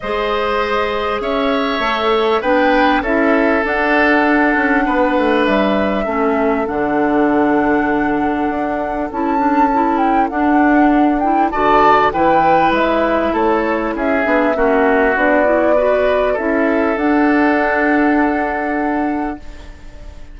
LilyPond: <<
  \new Staff \with { instrumentName = "flute" } { \time 4/4 \tempo 4 = 99 dis''2 e''2 | g''4 e''4 fis''2~ | fis''4 e''2 fis''4~ | fis''2. a''4~ |
a''8 g''8 fis''4. g''8 a''4 | g''4 e''4 cis''4 e''4~ | e''4 d''2 e''4 | fis''1 | }
  \new Staff \with { instrumentName = "oboe" } { \time 4/4 c''2 cis''2 | b'4 a'2. | b'2 a'2~ | a'1~ |
a'2. d''4 | b'2 a'4 gis'4 | fis'2 b'4 a'4~ | a'1 | }
  \new Staff \with { instrumentName = "clarinet" } { \time 4/4 gis'2. a'4 | d'4 e'4 d'2~ | d'2 cis'4 d'4~ | d'2. e'8 d'8 |
e'4 d'4. e'8 fis'4 | e'2.~ e'8 d'8 | cis'4 d'8 e'8 fis'4 e'4 | d'1 | }
  \new Staff \with { instrumentName = "bassoon" } { \time 4/4 gis2 cis'4 a4 | b4 cis'4 d'4. cis'8 | b8 a8 g4 a4 d4~ | d2 d'4 cis'4~ |
cis'4 d'2 d4 | e4 gis4 a4 cis'8 b8 | ais4 b2 cis'4 | d'1 | }
>>